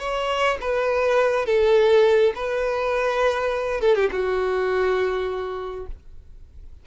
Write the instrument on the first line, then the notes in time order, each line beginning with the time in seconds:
violin
0.00 C#5
0.61 B4
1.46 A4
2.35 B4
3.81 A4
3.96 G4
4.12 F#4